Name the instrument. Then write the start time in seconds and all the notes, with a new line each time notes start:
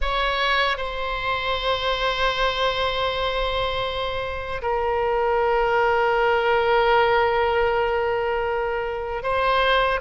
oboe
0.01 C#5
0.77 C5
4.62 A#4
9.23 C5